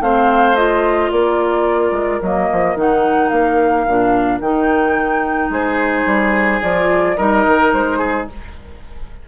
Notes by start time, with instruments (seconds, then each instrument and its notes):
0.00 bassoon A3, clarinet C4, oboe C5, flute F5
0.56 clarinet F4, flute D#5
1.11 bassoon A#3, oboe A#4, flute D5
1.91 bassoon G#3
2.22 bassoon F#3, clarinet A#3, flute D#5
2.52 bassoon F3
2.76 bassoon D#3, clarinet D#4, flute F#5
3.29 bassoon A#3, flute F5
3.88 bassoon A#2, clarinet D4
4.41 bassoon D#3, clarinet D#4, flute G5
5.49 bassoon G#3, oboe G#4, flute C5
6.06 bassoon G3
6.62 bassoon F3, clarinet F4, flute D5
7.17 bassoon G3, clarinet D#4, oboe A#4, flute D#5
7.47 bassoon D#3
7.72 bassoon G#3, flute C5
7.98 oboe G#4